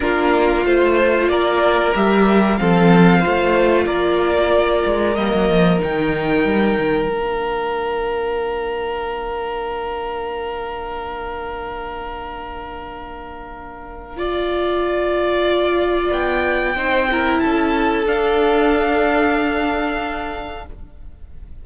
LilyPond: <<
  \new Staff \with { instrumentName = "violin" } { \time 4/4 \tempo 4 = 93 ais'4 c''4 d''4 e''4 | f''2 d''2 | dis''4 g''2 f''4~ | f''1~ |
f''1~ | f''1~ | f''4 g''2 a''4 | f''1 | }
  \new Staff \with { instrumentName = "violin" } { \time 4/4 f'2 ais'2 | a'4 c''4 ais'2~ | ais'1~ | ais'1~ |
ais'1~ | ais'2 d''2~ | d''2 c''8 ais'8 a'4~ | a'1 | }
  \new Staff \with { instrumentName = "viola" } { \time 4/4 d'4 f'2 g'4 | c'4 f'2. | ais4 dis'2 d'4~ | d'1~ |
d'1~ | d'2 f'2~ | f'2 dis'8 e'4. | d'1 | }
  \new Staff \with { instrumentName = "cello" } { \time 4/4 ais4 a4 ais4 g4 | f4 a4 ais4. gis8 | g16 fis16 f8 dis4 g8 dis8 ais4~ | ais1~ |
ais1~ | ais1~ | ais4 b4 c'4 cis'4 | d'1 | }
>>